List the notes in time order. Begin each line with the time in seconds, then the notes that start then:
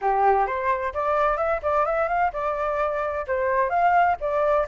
0.01 G4
0.46 C5
0.93 D5
1.37 E5
1.62 D5
1.85 E5
2.08 F5
2.33 D5
3.27 C5
3.69 F5
4.20 D5